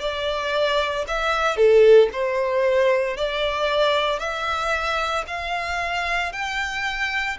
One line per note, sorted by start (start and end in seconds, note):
0.00 1.05 D5
1.08 1.56 E5
1.56 2.09 A4
2.12 3.17 C5
3.17 4.19 D5
4.19 5.24 E5
5.27 6.33 F5
6.33 7.38 G5